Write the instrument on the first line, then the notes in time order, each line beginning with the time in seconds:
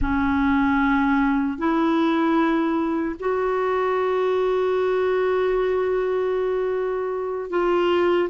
clarinet
0.01 C#4
1.58 E4
3.19 F#4
7.50 F4